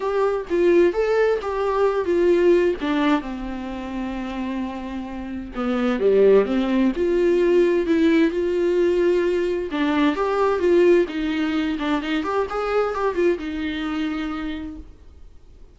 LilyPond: \new Staff \with { instrumentName = "viola" } { \time 4/4 \tempo 4 = 130 g'4 f'4 a'4 g'4~ | g'8 f'4. d'4 c'4~ | c'1 | b4 g4 c'4 f'4~ |
f'4 e'4 f'2~ | f'4 d'4 g'4 f'4 | dis'4. d'8 dis'8 g'8 gis'4 | g'8 f'8 dis'2. | }